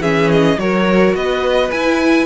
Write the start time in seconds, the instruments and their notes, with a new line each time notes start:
0.00 cello E3, viola C#4, violin G#4 E5
0.31 violin D#5
0.58 cello F#3, viola F#4, violin A#4 C#5
1.14 cello B3, violin B4 D#5
1.71 viola E4, cello E4, violin G#5